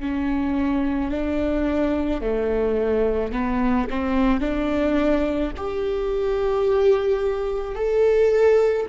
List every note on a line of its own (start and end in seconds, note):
0.00 1.11 C#4
1.11 2.21 D4
2.21 3.32 A3
3.32 3.88 B3
3.90 4.40 C4
4.40 5.52 D4
5.57 7.75 G4
7.75 8.86 A4